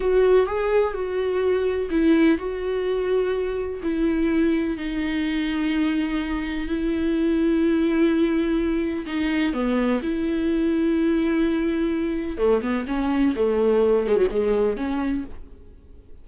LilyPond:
\new Staff \with { instrumentName = "viola" } { \time 4/4 \tempo 4 = 126 fis'4 gis'4 fis'2 | e'4 fis'2. | e'2 dis'2~ | dis'2 e'2~ |
e'2. dis'4 | b4 e'2.~ | e'2 a8 b8 cis'4 | a4. gis16 fis16 gis4 cis'4 | }